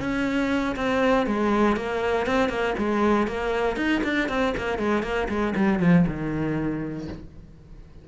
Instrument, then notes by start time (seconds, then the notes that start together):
cello
0.00 C#4
0.76 C4
1.26 G#3
1.76 A#3
2.26 C4
2.49 A#3
2.78 G#3
3.28 A#3
3.76 D#4
4.04 D4
4.29 C4
4.57 A#3
4.79 G#3
5.03 A#3
5.29 G#3
5.56 G3
5.80 F3
6.07 D#3